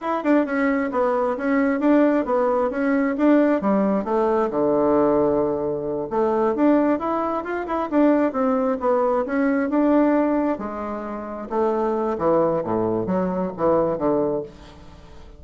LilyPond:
\new Staff \with { instrumentName = "bassoon" } { \time 4/4 \tempo 4 = 133 e'8 d'8 cis'4 b4 cis'4 | d'4 b4 cis'4 d'4 | g4 a4 d2~ | d4. a4 d'4 e'8~ |
e'8 f'8 e'8 d'4 c'4 b8~ | b8 cis'4 d'2 gis8~ | gis4. a4. e4 | a,4 fis4 e4 d4 | }